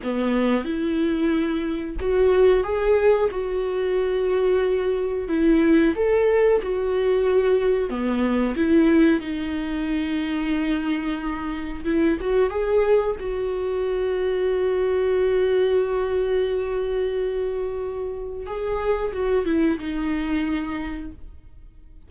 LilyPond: \new Staff \with { instrumentName = "viola" } { \time 4/4 \tempo 4 = 91 b4 e'2 fis'4 | gis'4 fis'2. | e'4 a'4 fis'2 | b4 e'4 dis'2~ |
dis'2 e'8 fis'8 gis'4 | fis'1~ | fis'1 | gis'4 fis'8 e'8 dis'2 | }